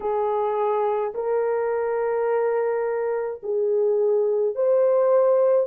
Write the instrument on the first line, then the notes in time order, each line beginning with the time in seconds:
horn
0.00 G#4
1.14 A#4
3.42 G#4
4.55 C5